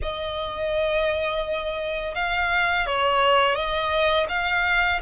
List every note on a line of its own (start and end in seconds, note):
0.02 2.15 D#5
2.15 2.86 F5
2.86 3.55 C#5
3.55 4.26 D#5
4.29 5.00 F5